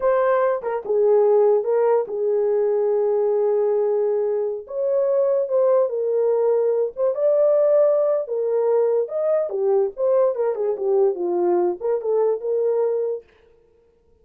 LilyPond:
\new Staff \with { instrumentName = "horn" } { \time 4/4 \tempo 4 = 145 c''4. ais'8 gis'2 | ais'4 gis'2.~ | gis'2.~ gis'16 cis''8.~ | cis''4~ cis''16 c''4 ais'4.~ ais'16~ |
ais'8. c''8 d''2~ d''8. | ais'2 dis''4 g'4 | c''4 ais'8 gis'8 g'4 f'4~ | f'8 ais'8 a'4 ais'2 | }